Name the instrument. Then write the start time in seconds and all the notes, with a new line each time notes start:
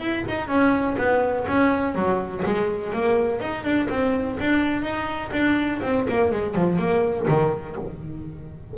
double bass
0.00 E4
0.29 D#4
0.48 C#4
0.98 B3
1.48 C#4
1.95 F#3
2.46 G#3
2.94 A#3
3.41 D#4
3.64 D4
3.90 C4
4.41 D4
4.83 D#4
5.32 D4
5.83 C4
6.09 A#3
6.32 G#3
6.55 F3
6.79 A#3
7.28 D#3